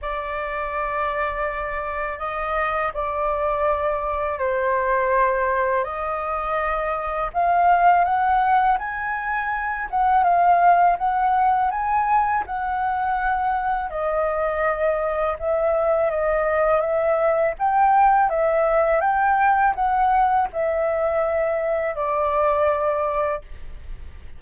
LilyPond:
\new Staff \with { instrumentName = "flute" } { \time 4/4 \tempo 4 = 82 d''2. dis''4 | d''2 c''2 | dis''2 f''4 fis''4 | gis''4. fis''8 f''4 fis''4 |
gis''4 fis''2 dis''4~ | dis''4 e''4 dis''4 e''4 | g''4 e''4 g''4 fis''4 | e''2 d''2 | }